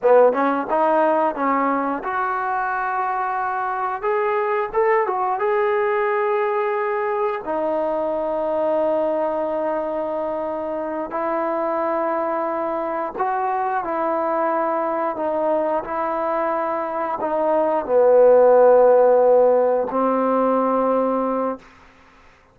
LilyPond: \new Staff \with { instrumentName = "trombone" } { \time 4/4 \tempo 4 = 89 b8 cis'8 dis'4 cis'4 fis'4~ | fis'2 gis'4 a'8 fis'8 | gis'2. dis'4~ | dis'1~ |
dis'8 e'2. fis'8~ | fis'8 e'2 dis'4 e'8~ | e'4. dis'4 b4.~ | b4. c'2~ c'8 | }